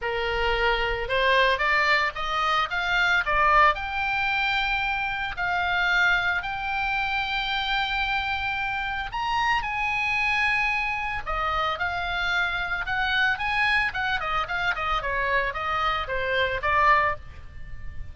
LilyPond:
\new Staff \with { instrumentName = "oboe" } { \time 4/4 \tempo 4 = 112 ais'2 c''4 d''4 | dis''4 f''4 d''4 g''4~ | g''2 f''2 | g''1~ |
g''4 ais''4 gis''2~ | gis''4 dis''4 f''2 | fis''4 gis''4 fis''8 dis''8 f''8 dis''8 | cis''4 dis''4 c''4 d''4 | }